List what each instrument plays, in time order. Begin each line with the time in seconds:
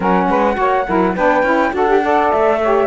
0.00 cello F#3, saxophone C#4 A#4, flute F#5
0.28 cello G#3, saxophone B4
0.54 cello A#3, saxophone F#4 C#5
0.86 cello F#3, saxophone E4 A#4
1.14 cello B3, saxophone D4 B4, flute G5
1.43 cello C#4, saxophone E4
1.73 cello D4, saxophone F#4 A4, flute F#5
1.87 saxophone G4
2.02 saxophone A4 D5
2.31 cello A3, flute E5
2.60 saxophone G4 C#5